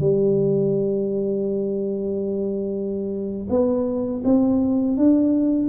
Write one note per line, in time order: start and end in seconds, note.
0.00 3.48 G3
3.50 4.23 B3
4.24 4.97 C4
4.97 5.69 D4